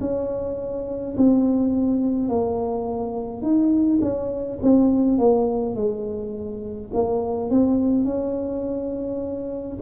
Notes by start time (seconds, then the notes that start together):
0.00 C#4
1.17 C4
2.29 A#3
3.41 D#4
4.01 C#4
4.62 C4
5.18 A#3
5.75 G#3
6.93 A#3
7.50 C4
8.05 C#4